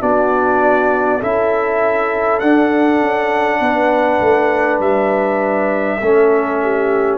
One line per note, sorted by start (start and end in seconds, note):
0.00 1.21 B3
0.00 1.20 D4
0.00 1.19 F#4
0.00 1.22 D5
1.19 2.41 C#4
1.19 2.41 E4
1.19 3.59 A4
1.19 2.39 E5
2.39 3.01 D4
2.39 6.01 D4
2.39 4.79 F#5
3.01 3.60 C#4
3.60 4.20 B3
3.60 6.00 B4
4.20 4.79 A3
4.79 6.00 G3
4.79 7.18 E5
6.00 7.18 A3
6.00 7.18 C#4
6.00 6.61 A4
6.62 7.18 G4